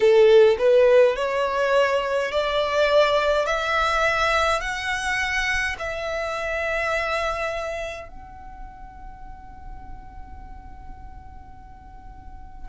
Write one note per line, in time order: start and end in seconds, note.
0.00 0.56 A4
0.58 1.15 B4
1.15 2.31 C#5
2.31 3.46 D5
3.46 4.60 E5
4.60 5.76 F#5
5.78 8.08 E5
8.08 12.69 F#5